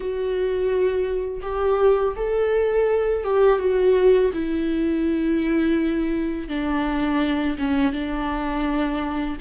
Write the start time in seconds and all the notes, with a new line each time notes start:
0.00 F#4
1.42 G4
2.16 A4
3.24 G4
3.59 F#4
4.33 E4
6.48 D4
7.58 C#4
7.92 D4